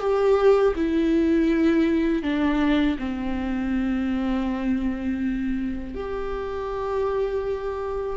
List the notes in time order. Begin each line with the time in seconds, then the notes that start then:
0.00 G4
0.76 E4
2.23 D4
2.99 C4
5.95 G4